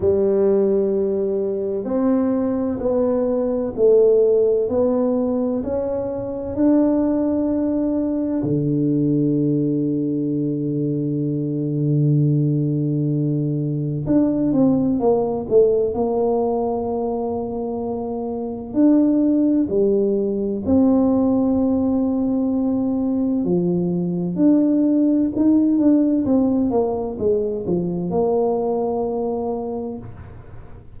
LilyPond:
\new Staff \with { instrumentName = "tuba" } { \time 4/4 \tempo 4 = 64 g2 c'4 b4 | a4 b4 cis'4 d'4~ | d'4 d2.~ | d2. d'8 c'8 |
ais8 a8 ais2. | d'4 g4 c'2~ | c'4 f4 d'4 dis'8 d'8 | c'8 ais8 gis8 f8 ais2 | }